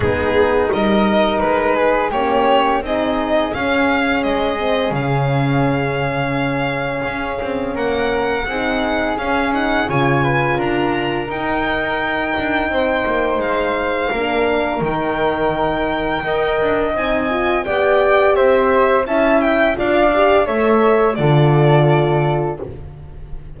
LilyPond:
<<
  \new Staff \with { instrumentName = "violin" } { \time 4/4 \tempo 4 = 85 gis'4 dis''4 b'4 cis''4 | dis''4 f''4 dis''4 f''4~ | f''2. fis''4~ | fis''4 f''8 fis''8 gis''4 ais''4 |
g''2. f''4~ | f''4 g''2. | gis''4 g''4 e''4 a''8 g''8 | f''4 e''4 d''2 | }
  \new Staff \with { instrumentName = "flute" } { \time 4/4 dis'4 ais'4. gis'8 g'4 | gis'1~ | gis'2. ais'4 | gis'2 cis''8 b'8 ais'4~ |
ais'2 c''2 | ais'2. dis''4~ | dis''4 d''4 c''4 e''4 | d''4 cis''4 a'2 | }
  \new Staff \with { instrumentName = "horn" } { \time 4/4 b4 dis'2 cis'4 | dis'4 cis'4. c'8 cis'4~ | cis'1 | dis'4 cis'8 dis'8 f'2 |
dis'1 | d'4 dis'2 ais'4 | dis'8 f'8 g'2 e'4 | f'8 g'8 a'4 f'2 | }
  \new Staff \with { instrumentName = "double bass" } { \time 4/4 gis4 g4 gis4 ais4 | c'4 cis'4 gis4 cis4~ | cis2 cis'8 c'8 ais4 | c'4 cis'4 cis4 d'4 |
dis'4. d'8 c'8 ais8 gis4 | ais4 dis2 dis'8 d'8 | c'4 b4 c'4 cis'4 | d'4 a4 d2 | }
>>